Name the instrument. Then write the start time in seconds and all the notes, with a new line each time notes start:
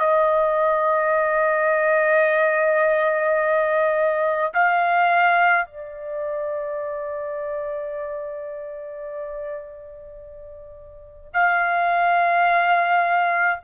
trumpet
0.00 D#5
4.54 F5
5.66 D5
11.34 F5